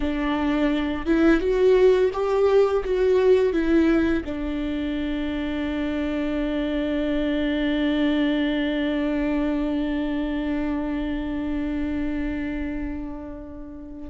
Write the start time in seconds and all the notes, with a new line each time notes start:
0.00 D4
1.06 E4
1.40 F#4
2.13 G4
2.84 F#4
3.53 E4
4.24 D4